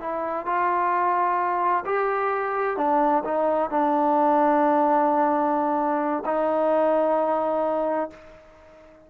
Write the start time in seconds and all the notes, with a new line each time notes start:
0.00 E4
0.46 F4
1.86 G4
2.77 D4
3.25 D#4
3.70 D4
6.26 D#4